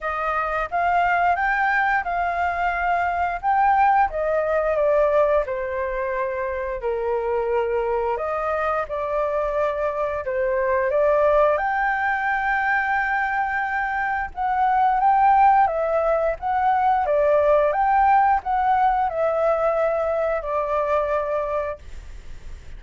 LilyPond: \new Staff \with { instrumentName = "flute" } { \time 4/4 \tempo 4 = 88 dis''4 f''4 g''4 f''4~ | f''4 g''4 dis''4 d''4 | c''2 ais'2 | dis''4 d''2 c''4 |
d''4 g''2.~ | g''4 fis''4 g''4 e''4 | fis''4 d''4 g''4 fis''4 | e''2 d''2 | }